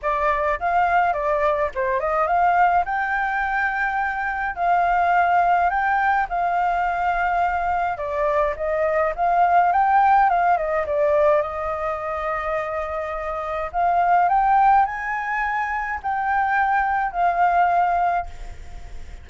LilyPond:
\new Staff \with { instrumentName = "flute" } { \time 4/4 \tempo 4 = 105 d''4 f''4 d''4 c''8 dis''8 | f''4 g''2. | f''2 g''4 f''4~ | f''2 d''4 dis''4 |
f''4 g''4 f''8 dis''8 d''4 | dis''1 | f''4 g''4 gis''2 | g''2 f''2 | }